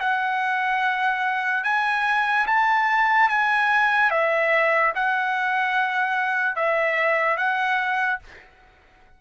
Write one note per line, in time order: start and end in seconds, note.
0.00 1.64 F#5
1.64 2.46 G#5
2.47 3.29 A5
3.29 4.11 G#5
4.11 4.93 E5
4.95 6.56 F#5
6.56 7.37 E5
7.37 8.19 F#5